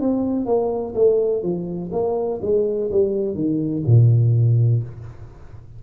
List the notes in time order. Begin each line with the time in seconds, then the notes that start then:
0.00 C4
0.45 A#3
0.95 A3
1.42 F3
1.92 A#3
2.41 G#3
2.91 G3
3.34 D#3
3.86 A#2